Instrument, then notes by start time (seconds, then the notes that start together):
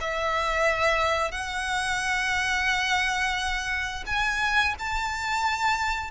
violin
0.00 E5
1.31 F#5
4.06 G#5
4.79 A5